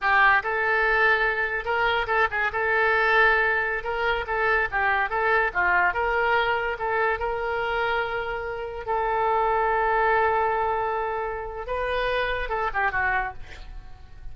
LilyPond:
\new Staff \with { instrumentName = "oboe" } { \time 4/4 \tempo 4 = 144 g'4 a'2. | ais'4 a'8 gis'8 a'2~ | a'4~ a'16 ais'4 a'4 g'8.~ | g'16 a'4 f'4 ais'4.~ ais'16~ |
ais'16 a'4 ais'2~ ais'8.~ | ais'4~ ais'16 a'2~ a'8.~ | a'1 | b'2 a'8 g'8 fis'4 | }